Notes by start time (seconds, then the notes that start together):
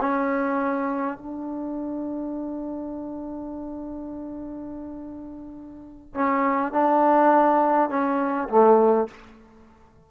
0.00 C#4
1.18 D4
6.14 C#4
6.72 D4
7.90 C#4
8.49 A3